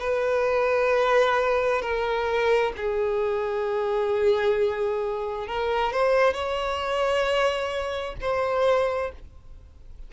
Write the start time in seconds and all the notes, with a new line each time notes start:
0.00 B4
1.82 A#4
2.77 G#4
5.48 A#4
5.93 C5
6.34 C#5
8.21 C5